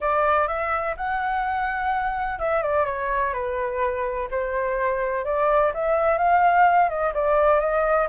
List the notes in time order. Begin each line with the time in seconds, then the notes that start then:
0.00 D5
0.47 E5
0.97 F#5
2.39 E5
2.62 D5
2.85 C#5
3.33 B4
4.30 C5
5.24 D5
5.74 E5
6.18 F5
6.89 D#5
7.13 D5
7.60 D#5